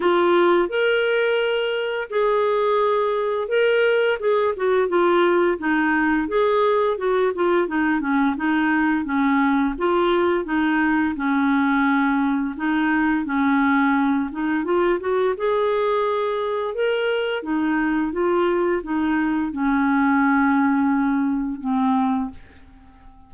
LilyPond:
\new Staff \with { instrumentName = "clarinet" } { \time 4/4 \tempo 4 = 86 f'4 ais'2 gis'4~ | gis'4 ais'4 gis'8 fis'8 f'4 | dis'4 gis'4 fis'8 f'8 dis'8 cis'8 | dis'4 cis'4 f'4 dis'4 |
cis'2 dis'4 cis'4~ | cis'8 dis'8 f'8 fis'8 gis'2 | ais'4 dis'4 f'4 dis'4 | cis'2. c'4 | }